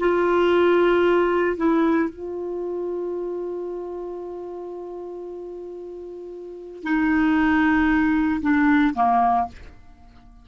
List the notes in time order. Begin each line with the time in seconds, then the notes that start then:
0.00 F4
1.57 E4
2.10 F4
6.83 D#4
8.42 D4
8.95 A#3